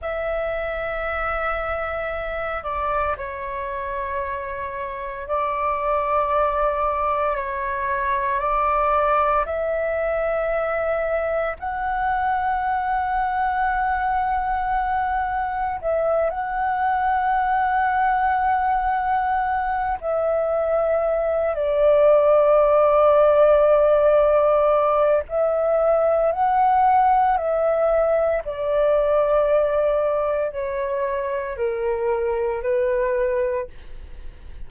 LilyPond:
\new Staff \with { instrumentName = "flute" } { \time 4/4 \tempo 4 = 57 e''2~ e''8 d''8 cis''4~ | cis''4 d''2 cis''4 | d''4 e''2 fis''4~ | fis''2. e''8 fis''8~ |
fis''2. e''4~ | e''8 d''2.~ d''8 | e''4 fis''4 e''4 d''4~ | d''4 cis''4 ais'4 b'4 | }